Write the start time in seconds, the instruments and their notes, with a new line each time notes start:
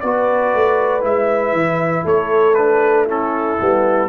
0.00 tuba B3, trombone F#4, horn B4, trumpet D5
0.54 tuba A3
1.01 tuba G#3, trombone E4, trumpet E5
1.53 tuba E3
2.04 tuba A3, horn A4, trumpet C#5
2.54 trombone D4, trumpet B4
3.06 trombone C#4, horn E4, trumpet A4
3.60 tuba G3, trombone B3